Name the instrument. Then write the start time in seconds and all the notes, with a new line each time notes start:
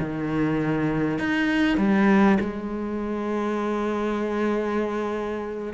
cello
0.00 D#3
1.19 D#4
1.78 G3
2.40 G#3